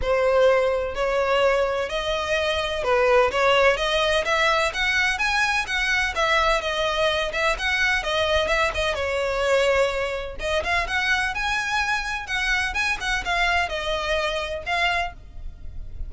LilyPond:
\new Staff \with { instrumentName = "violin" } { \time 4/4 \tempo 4 = 127 c''2 cis''2 | dis''2 b'4 cis''4 | dis''4 e''4 fis''4 gis''4 | fis''4 e''4 dis''4. e''8 |
fis''4 dis''4 e''8 dis''8 cis''4~ | cis''2 dis''8 f''8 fis''4 | gis''2 fis''4 gis''8 fis''8 | f''4 dis''2 f''4 | }